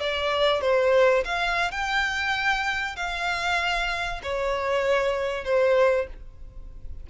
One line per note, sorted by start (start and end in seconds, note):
0.00 0.62 D5
0.62 1.24 C5
1.25 1.71 F5
1.71 2.96 G5
2.96 4.21 F5
4.23 5.44 C#5
5.44 6.07 C5